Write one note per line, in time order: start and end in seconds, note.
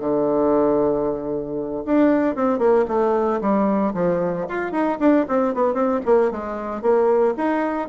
0.00 1.84 D3
1.86 2.36 D4
2.36 2.59 C4
2.59 2.85 A#3
2.88 3.41 A3
3.41 3.94 G3
3.94 4.47 F3
4.49 4.72 F4
4.72 4.99 D#4
5.00 5.26 D4
5.28 5.54 C4
5.54 5.74 B3
5.74 6.00 C4
6.06 6.31 A#3
6.31 6.82 G#3
6.82 7.34 A#3
7.37 7.89 D#4